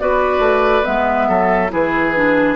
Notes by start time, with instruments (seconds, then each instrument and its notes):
0.00 bassoon B3, clarinet F#4, oboe B4, flute D5
0.39 bassoon A3
0.83 bassoon G#3, clarinet B3, flute E5
1.29 bassoon F#3, oboe A4
1.69 bassoon E3, clarinet E4, oboe G#4, flute B4
2.16 clarinet D4